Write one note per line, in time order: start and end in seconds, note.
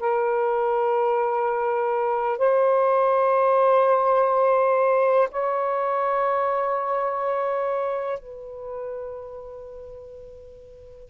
0.00 2.38 A#4
2.38 5.29 C5
5.31 8.20 C#5
8.20 11.10 B4